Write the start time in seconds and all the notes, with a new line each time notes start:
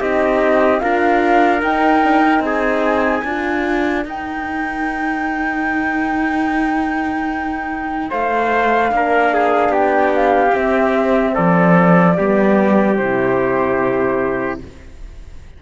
0.00 C4 D#4 G4 D#5
0.79 D4 F4 A#4 F5
1.60 D#4 G5
2.04 D4
2.22 D#4
2.40 C4 G#5
2.46 G#4
3.24 D4 F4 A#4
4.05 D#4 G5
8.10 A3 C5 F5
8.89 A#3 D4
8.96 A#4
9.34 G#4
9.69 B3 G4 G5
10.15 F5
10.53 C4 E5
11.34 F3 A4 D5
12.17 G3 B3 G4
12.96 C3 E4 C5